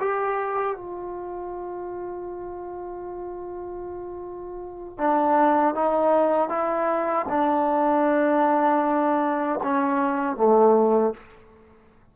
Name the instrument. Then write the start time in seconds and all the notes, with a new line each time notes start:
trombone
0.00 G4
0.77 F4
4.98 D4
5.75 D#4
6.49 E4
7.30 D4
9.64 C#4
10.37 A3